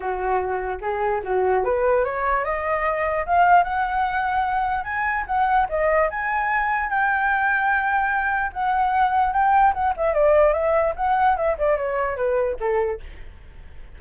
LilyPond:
\new Staff \with { instrumentName = "flute" } { \time 4/4 \tempo 4 = 148 fis'2 gis'4 fis'4 | b'4 cis''4 dis''2 | f''4 fis''2. | gis''4 fis''4 dis''4 gis''4~ |
gis''4 g''2.~ | g''4 fis''2 g''4 | fis''8 e''8 d''4 e''4 fis''4 | e''8 d''8 cis''4 b'4 a'4 | }